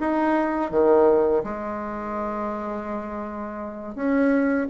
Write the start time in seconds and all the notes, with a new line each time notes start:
0.00 D#4
0.71 D#3
1.44 G#3
3.95 C#4